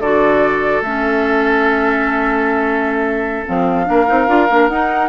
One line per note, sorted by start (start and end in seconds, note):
0.00 0.81 D3
0.00 0.85 F#4
0.00 3.86 A4
0.00 0.82 D5
0.82 3.45 A3
0.82 3.46 C#4
0.82 3.46 E5
3.46 3.89 F3
3.46 3.86 C4
3.46 4.69 F5
3.86 4.09 A#3
3.86 4.06 D4
3.86 5.09 A#4
4.06 4.28 C4
4.06 4.27 D#4
4.28 4.48 D4
4.28 4.48 F4
4.50 4.69 A#3
4.50 4.70 D4
4.69 5.09 D#4
4.69 5.09 F#5